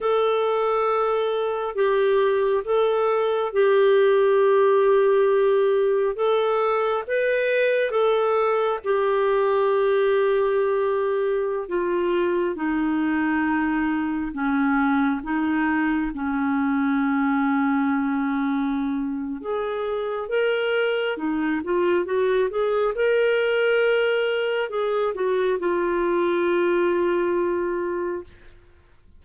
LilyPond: \new Staff \with { instrumentName = "clarinet" } { \time 4/4 \tempo 4 = 68 a'2 g'4 a'4 | g'2. a'4 | b'4 a'4 g'2~ | g'4~ g'16 f'4 dis'4.~ dis'16~ |
dis'16 cis'4 dis'4 cis'4.~ cis'16~ | cis'2 gis'4 ais'4 | dis'8 f'8 fis'8 gis'8 ais'2 | gis'8 fis'8 f'2. | }